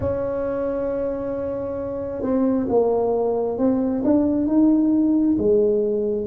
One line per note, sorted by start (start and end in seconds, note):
0.00 2.21 C#4
2.21 2.66 C4
2.69 3.57 A#3
3.57 4.02 C4
4.03 4.46 D4
4.46 5.36 D#4
5.37 6.26 G#3